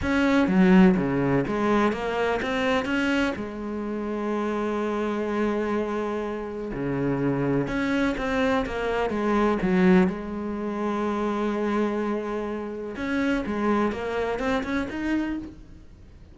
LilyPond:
\new Staff \with { instrumentName = "cello" } { \time 4/4 \tempo 4 = 125 cis'4 fis4 cis4 gis4 | ais4 c'4 cis'4 gis4~ | gis1~ | gis2 cis2 |
cis'4 c'4 ais4 gis4 | fis4 gis2.~ | gis2. cis'4 | gis4 ais4 c'8 cis'8 dis'4 | }